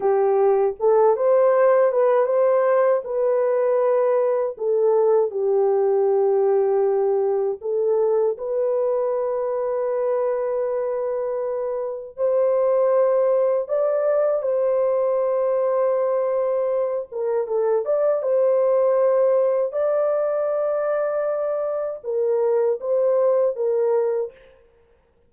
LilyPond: \new Staff \with { instrumentName = "horn" } { \time 4/4 \tempo 4 = 79 g'4 a'8 c''4 b'8 c''4 | b'2 a'4 g'4~ | g'2 a'4 b'4~ | b'1 |
c''2 d''4 c''4~ | c''2~ c''8 ais'8 a'8 d''8 | c''2 d''2~ | d''4 ais'4 c''4 ais'4 | }